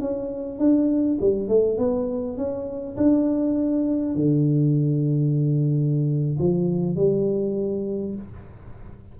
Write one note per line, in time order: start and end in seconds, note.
0.00 0.59 C#4
0.59 1.18 D4
1.20 1.48 G3
1.48 1.78 A3
1.78 2.37 B3
2.37 2.96 C#4
2.97 4.15 D4
4.15 6.38 D3
6.39 6.96 F3
6.96 8.15 G3